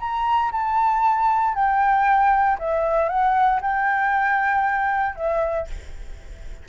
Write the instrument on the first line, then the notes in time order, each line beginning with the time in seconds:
flute
0.00 A#5
0.52 A5
1.55 G5
2.59 E5
3.09 F#5
3.62 G5
5.16 E5